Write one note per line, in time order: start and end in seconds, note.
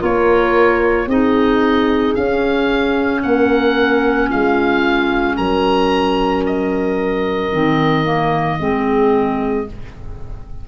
0.00 1.07 A#3
0.00 1.07 F4
0.00 1.08 A#4
0.00 1.10 C#5
1.07 2.15 C4
1.07 2.18 D#4
1.07 3.23 G#4
1.07 2.15 D#5
2.15 3.25 C#4
2.15 7.53 C#4
2.15 3.22 F5
3.23 4.32 A#3
3.23 4.30 A#4
3.23 4.30 F#5
4.30 5.39 G#3
4.30 5.37 F4
4.30 5.37 F5
5.37 7.53 F#3
5.37 8.59 A#4
5.37 6.44 A#5
6.47 9.68 D#5
7.53 8.60 D#3
7.53 8.05 C4
8.05 8.58 A#3
8.60 9.68 G#3
8.60 9.67 C4
8.60 9.68 G#4